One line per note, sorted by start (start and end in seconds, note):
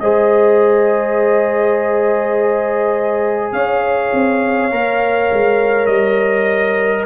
0.00 3.52 G#3
0.00 4.71 G#4
0.00 3.54 C5
0.00 3.53 D#5
3.52 4.11 C#4
3.52 7.06 C#5
3.52 5.87 F5
4.13 4.71 C4
4.71 5.29 A#3
4.71 7.06 A#4
5.32 5.87 G#3
5.87 7.05 G3
5.87 7.04 D#5